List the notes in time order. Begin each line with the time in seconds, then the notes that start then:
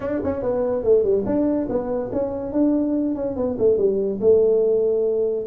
0.00 D4
0.23 C#4
0.42 B3
0.83 A3
1.03 G3
1.26 D4
1.69 B3
2.12 C#4
2.52 D4
3.15 C#4
3.36 B3
3.58 A3
3.77 G3
4.20 A3